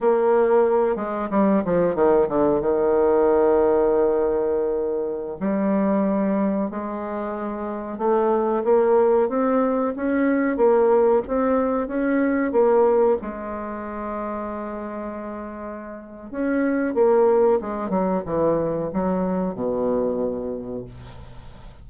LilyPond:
\new Staff \with { instrumentName = "bassoon" } { \time 4/4 \tempo 4 = 92 ais4. gis8 g8 f8 dis8 d8 | dis1~ | dis16 g2 gis4.~ gis16~ | gis16 a4 ais4 c'4 cis'8.~ |
cis'16 ais4 c'4 cis'4 ais8.~ | ais16 gis2.~ gis8.~ | gis4 cis'4 ais4 gis8 fis8 | e4 fis4 b,2 | }